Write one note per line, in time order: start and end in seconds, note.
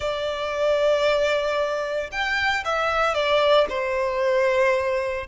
0.00 2.10 D5
2.11 2.64 G5
2.64 3.14 E5
3.14 3.67 D5
3.69 5.27 C5